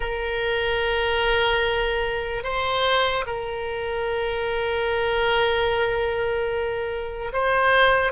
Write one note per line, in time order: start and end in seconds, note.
0.00 2.43 A#4
2.43 3.24 C5
3.26 7.32 A#4
7.32 8.12 C5